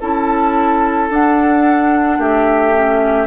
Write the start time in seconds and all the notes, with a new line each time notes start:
0.00 C#4 E4 A4 A5
1.10 D4 F#5
2.18 A3 G4 E5
2.73 C#4